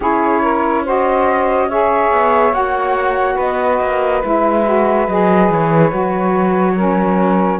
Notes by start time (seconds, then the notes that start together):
0.00 C#4 E4 G#4 C#5
0.41 A#4
0.84 F#4 C5 D#5
1.68 G#4 C#5 E5
2.12 B3
2.52 A#3 F#4 F#5
3.34 B3 B4 D#5
3.80 A#3
4.22 G#3 E4 E5
4.64 F#4
5.07 F#3 G#4 D#5
5.49 E3 C#5
5.90 F#3 F#4
6.76 C#4 A#4